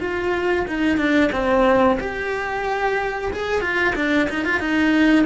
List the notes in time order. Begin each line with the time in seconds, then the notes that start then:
0.00 F4
0.67 D#4
0.97 D4
1.32 C4
2.00 G4
3.32 G#4
3.61 F4
3.95 D4
4.29 D#4
4.44 F4
4.59 D#4